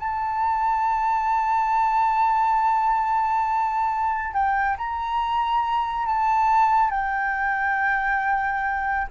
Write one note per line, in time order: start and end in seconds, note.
0.00 4.34 A5
4.34 4.77 G5
4.78 6.07 A#5
6.07 6.91 A5
6.91 9.08 G5